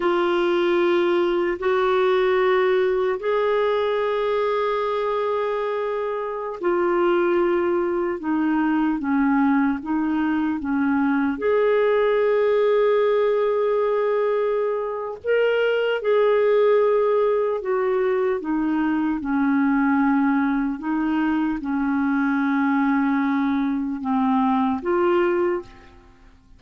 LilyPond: \new Staff \with { instrumentName = "clarinet" } { \time 4/4 \tempo 4 = 75 f'2 fis'2 | gis'1~ | gis'16 f'2 dis'4 cis'8.~ | cis'16 dis'4 cis'4 gis'4.~ gis'16~ |
gis'2. ais'4 | gis'2 fis'4 dis'4 | cis'2 dis'4 cis'4~ | cis'2 c'4 f'4 | }